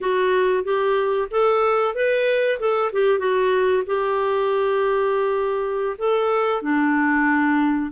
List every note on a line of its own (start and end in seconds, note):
0.00 0.64 F#4
0.64 1.28 G4
1.30 1.94 A4
1.94 2.59 B4
2.59 2.91 A4
2.92 3.18 G4
3.18 3.83 F#4
3.86 5.96 G4
5.98 6.62 A4
6.62 7.91 D4